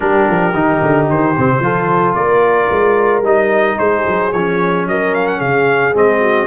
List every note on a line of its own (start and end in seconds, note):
0.00 0.28 G3
0.00 0.52 D4
0.00 1.63 G4
0.00 1.07 A#4
0.29 0.53 F3
0.53 0.80 D#3
0.53 1.35 D#4
0.82 1.09 D3
1.09 1.36 D#3
1.09 2.14 C5
1.37 1.60 C3
1.37 1.62 C4
1.60 2.14 F3
1.60 3.23 F4
1.60 2.17 A4
2.14 2.68 A#3
2.14 3.79 A#4
2.14 3.22 D5
2.70 3.22 G#3
3.22 3.76 G3
3.22 4.31 D#4
3.22 3.78 D#5
3.78 4.06 G#3
3.78 4.87 G#4
3.78 4.32 C5
4.06 4.33 F#3
4.32 4.87 F3
4.32 5.94 C#4
4.32 4.86 C#5
4.87 5.41 F#3
4.87 5.37 A#4
4.87 5.14 D#5
5.14 5.27 F5
5.27 5.40 F#5
5.37 5.94 C#3
5.37 6.18 G#4
5.37 5.94 F5
5.94 6.47 G#3
5.94 6.47 C4
5.94 6.47 D#5
6.20 6.47 F#4